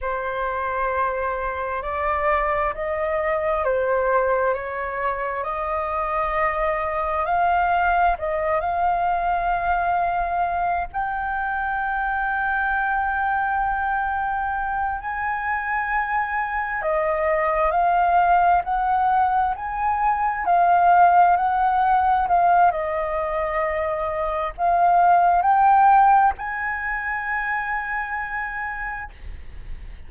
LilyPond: \new Staff \with { instrumentName = "flute" } { \time 4/4 \tempo 4 = 66 c''2 d''4 dis''4 | c''4 cis''4 dis''2 | f''4 dis''8 f''2~ f''8 | g''1~ |
g''8 gis''2 dis''4 f''8~ | f''8 fis''4 gis''4 f''4 fis''8~ | fis''8 f''8 dis''2 f''4 | g''4 gis''2. | }